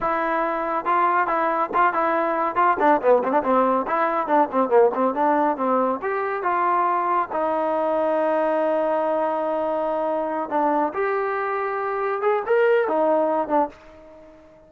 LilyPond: \new Staff \with { instrumentName = "trombone" } { \time 4/4 \tempo 4 = 140 e'2 f'4 e'4 | f'8 e'4. f'8 d'8 b8 c'16 d'16 | c'4 e'4 d'8 c'8 ais8 c'8 | d'4 c'4 g'4 f'4~ |
f'4 dis'2.~ | dis'1~ | dis'8 d'4 g'2~ g'8~ | g'8 gis'8 ais'4 dis'4. d'8 | }